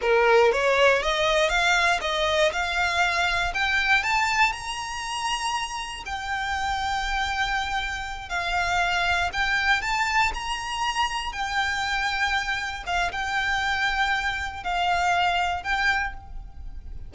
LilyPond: \new Staff \with { instrumentName = "violin" } { \time 4/4 \tempo 4 = 119 ais'4 cis''4 dis''4 f''4 | dis''4 f''2 g''4 | a''4 ais''2. | g''1~ |
g''8 f''2 g''4 a''8~ | a''8 ais''2 g''4.~ | g''4. f''8 g''2~ | g''4 f''2 g''4 | }